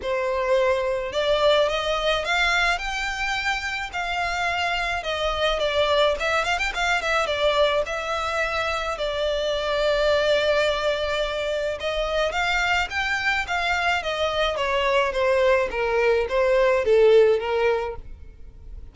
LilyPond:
\new Staff \with { instrumentName = "violin" } { \time 4/4 \tempo 4 = 107 c''2 d''4 dis''4 | f''4 g''2 f''4~ | f''4 dis''4 d''4 e''8 f''16 g''16 | f''8 e''8 d''4 e''2 |
d''1~ | d''4 dis''4 f''4 g''4 | f''4 dis''4 cis''4 c''4 | ais'4 c''4 a'4 ais'4 | }